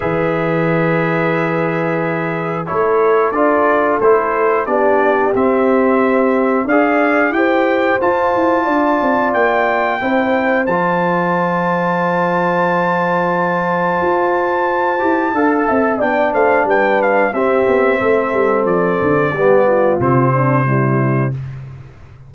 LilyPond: <<
  \new Staff \with { instrumentName = "trumpet" } { \time 4/4 \tempo 4 = 90 e''1 | cis''4 d''4 c''4 d''4 | e''2 f''4 g''4 | a''2 g''2 |
a''1~ | a''1 | g''8 f''8 g''8 f''8 e''2 | d''2 c''2 | }
  \new Staff \with { instrumentName = "horn" } { \time 4/4 b'1 | a'2. g'4~ | g'2 d''4 c''4~ | c''4 d''2 c''4~ |
c''1~ | c''2. f''8 e''8 | d''8 c''8 b'4 g'4 a'4~ | a'4 g'8 f'4 d'8 e'4 | }
  \new Staff \with { instrumentName = "trombone" } { \time 4/4 gis'1 | e'4 f'4 e'4 d'4 | c'2 gis'4 g'4 | f'2. e'4 |
f'1~ | f'2~ f'8 g'8 a'4 | d'2 c'2~ | c'4 b4 c'4 g4 | }
  \new Staff \with { instrumentName = "tuba" } { \time 4/4 e1 | a4 d'4 a4 b4 | c'2 d'4 e'4 | f'8 e'8 d'8 c'8 ais4 c'4 |
f1~ | f4 f'4. e'8 d'8 c'8 | b8 a8 g4 c'8 b8 a8 g8 | f8 d8 g4 c2 | }
>>